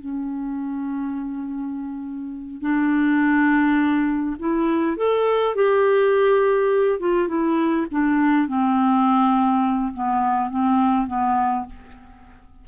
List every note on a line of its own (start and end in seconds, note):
0.00 2.62 C#4
2.62 4.37 D4
4.40 4.97 E4
4.97 5.56 A4
5.56 7.00 G4
7.00 7.28 F4
7.28 7.87 E4
7.92 8.48 D4
8.48 9.93 C4
9.94 10.50 B3
10.50 11.08 C4
11.08 11.66 B3